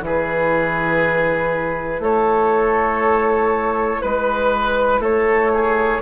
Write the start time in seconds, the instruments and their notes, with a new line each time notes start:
0.00 bassoon E3, clarinet E4, oboe G#4, flute B4
1.99 bassoon A3, oboe A4, flute C#5
4.01 bassoon G#3, oboe B4, flute B4
4.99 bassoon A3, oboe A4, flute C#5
5.53 oboe G#4